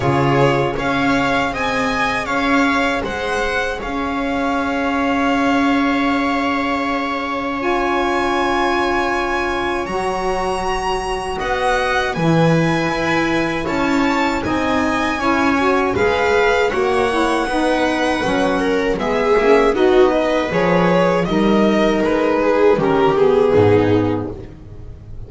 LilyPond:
<<
  \new Staff \with { instrumentName = "violin" } { \time 4/4 \tempo 4 = 79 cis''4 f''4 gis''4 f''4 | fis''4 f''2.~ | f''2 gis''2~ | gis''4 ais''2 fis''4 |
gis''2 a''4 gis''4~ | gis''4 f''4 fis''2~ | fis''4 e''4 dis''4 cis''4 | dis''4 b'4 ais'8 gis'4. | }
  \new Staff \with { instrumentName = "viola" } { \time 4/4 gis'4 cis''4 dis''4 cis''4 | c''4 cis''2.~ | cis''1~ | cis''2. dis''4 |
b'2 cis''4 dis''4 | cis''4 b'4 cis''4 b'4~ | b'8 ais'8 gis'4 fis'8 b'4. | ais'4. gis'8 g'4 dis'4 | }
  \new Staff \with { instrumentName = "saxophone" } { \time 4/4 f'4 gis'2.~ | gis'1~ | gis'2 f'2~ | f'4 fis'2. |
e'2. dis'4 | e'8 fis'8 gis'4 fis'8 e'8 dis'4 | cis'4 b8 cis'8 dis'4 gis'4 | dis'2 cis'8 b4. | }
  \new Staff \with { instrumentName = "double bass" } { \time 4/4 cis4 cis'4 c'4 cis'4 | gis4 cis'2.~ | cis'1~ | cis'4 fis2 b4 |
e4 e'4 cis'4 c'4 | cis'4 gis4 ais4 b4 | fis4 gis8 ais8 b4 f4 | g4 gis4 dis4 gis,4 | }
>>